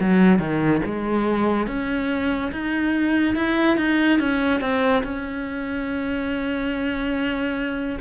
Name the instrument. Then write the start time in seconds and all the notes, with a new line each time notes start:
cello
0.00 F#3
0.39 D#3
0.85 G#3
1.67 C#4
2.52 D#4
3.35 E4
3.77 D#4
4.19 C#4
4.61 C4
5.03 C#4